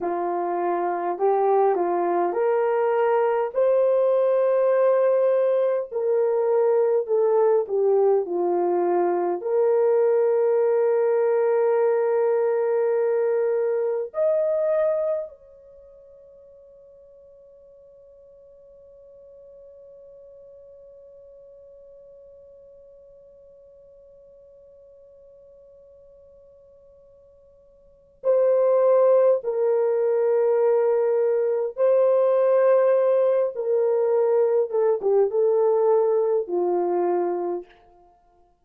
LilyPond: \new Staff \with { instrumentName = "horn" } { \time 4/4 \tempo 4 = 51 f'4 g'8 f'8 ais'4 c''4~ | c''4 ais'4 a'8 g'8 f'4 | ais'1 | dis''4 cis''2.~ |
cis''1~ | cis''1 | c''4 ais'2 c''4~ | c''8 ais'4 a'16 g'16 a'4 f'4 | }